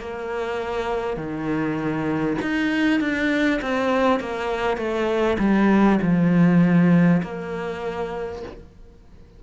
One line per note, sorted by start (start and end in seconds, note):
0.00 1.17 A#3
1.17 2.37 D#3
2.42 3.01 D#4
3.01 3.61 D4
3.62 4.21 C4
4.21 4.77 A#3
4.77 5.37 A3
5.39 5.99 G3
6.02 7.22 F3
7.23 8.43 A#3